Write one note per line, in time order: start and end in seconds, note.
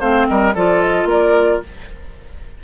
0.00 0.27 A3
0.00 0.54 C4
0.00 0.27 C5
0.00 0.27 F5
0.28 0.55 G3
0.28 0.55 A#4
0.28 0.54 D#5
0.55 1.05 F3
0.55 1.64 F4
0.55 1.08 A4
0.55 0.82 D5
0.82 1.08 D#5
1.05 1.58 A#3
1.05 1.63 A#4
1.05 1.63 D5